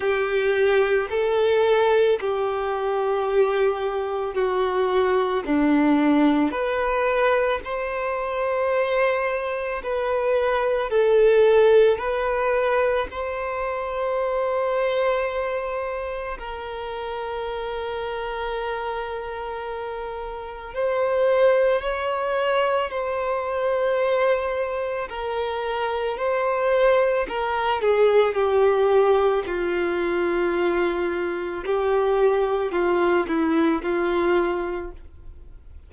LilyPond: \new Staff \with { instrumentName = "violin" } { \time 4/4 \tempo 4 = 55 g'4 a'4 g'2 | fis'4 d'4 b'4 c''4~ | c''4 b'4 a'4 b'4 | c''2. ais'4~ |
ais'2. c''4 | cis''4 c''2 ais'4 | c''4 ais'8 gis'8 g'4 f'4~ | f'4 g'4 f'8 e'8 f'4 | }